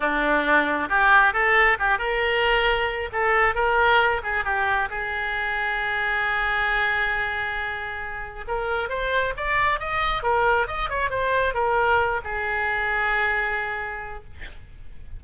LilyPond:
\new Staff \with { instrumentName = "oboe" } { \time 4/4 \tempo 4 = 135 d'2 g'4 a'4 | g'8 ais'2~ ais'8 a'4 | ais'4. gis'8 g'4 gis'4~ | gis'1~ |
gis'2. ais'4 | c''4 d''4 dis''4 ais'4 | dis''8 cis''8 c''4 ais'4. gis'8~ | gis'1 | }